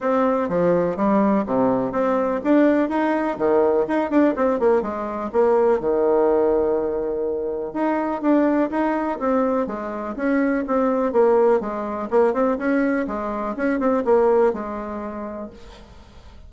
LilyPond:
\new Staff \with { instrumentName = "bassoon" } { \time 4/4 \tempo 4 = 124 c'4 f4 g4 c4 | c'4 d'4 dis'4 dis4 | dis'8 d'8 c'8 ais8 gis4 ais4 | dis1 |
dis'4 d'4 dis'4 c'4 | gis4 cis'4 c'4 ais4 | gis4 ais8 c'8 cis'4 gis4 | cis'8 c'8 ais4 gis2 | }